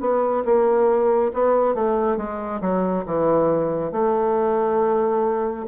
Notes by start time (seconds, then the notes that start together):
0.00 B3
0.45 A#3
1.34 B3
1.75 A3
2.17 G#3
2.61 F#3
3.06 E3
3.92 A3